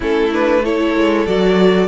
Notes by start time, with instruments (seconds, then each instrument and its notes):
0.00 cello A3, viola C#4, violin E4 A4
0.32 viola D4, violin B4
0.64 viola E4, violin A4 C#5
0.95 cello G#3
1.26 cello F#3, viola F#4, violin D5